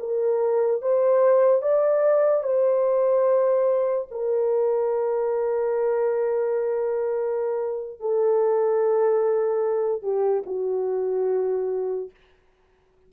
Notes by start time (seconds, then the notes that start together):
0.00 A#4
0.82 C5
1.62 D5
2.44 C5
4.11 A#4
8.00 A4
10.03 G4
10.46 F#4